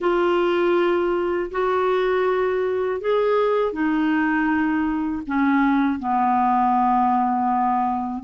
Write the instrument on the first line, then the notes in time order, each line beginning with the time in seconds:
clarinet
0.00 F4
1.51 F#4
3.00 G#4
3.72 D#4
5.26 C#4
5.99 B3